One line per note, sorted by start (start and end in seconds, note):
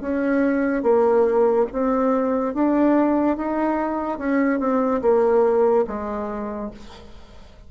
0.00 0.83 C#4
0.83 1.66 A#3
1.72 2.54 C4
2.54 3.37 D4
3.37 4.18 D#4
4.18 4.59 C#4
4.59 5.01 C4
5.02 5.85 A#3
5.87 6.70 G#3